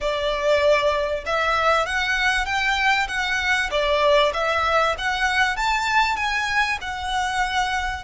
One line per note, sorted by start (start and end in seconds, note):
0.00 1.24 D5
1.25 1.86 E5
1.86 2.45 F#5
2.45 3.07 G5
3.08 3.69 F#5
3.70 4.32 D5
4.33 4.95 E5
4.97 5.56 F#5
5.56 6.16 A5
6.16 6.78 G#5
6.81 8.04 F#5